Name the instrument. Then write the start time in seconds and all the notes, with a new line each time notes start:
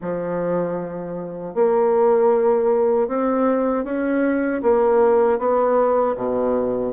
bassoon
0.01 F3
1.54 A#3
3.08 C4
3.84 C#4
4.62 A#3
5.38 B3
6.16 B2